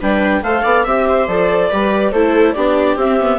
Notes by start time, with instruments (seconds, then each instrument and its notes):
0.00 bassoon G3, viola D4 B4, clarinet G5
0.42 bassoon A3, viola A4 C5, clarinet F5
0.63 bassoon B3, viola D5
0.84 bassoon C4, viola G4 E5, clarinet E5
1.08 viola C5
1.27 bassoon F3, viola A4, clarinet D5
1.70 bassoon G3, viola G4 B4
2.11 bassoon A3, viola E4 A4, clarinet C5
2.53 bassoon B3, viola D4 G4, clarinet D5
2.95 bassoon C4, clarinet E5
3.02 viola C4
3.20 viola B3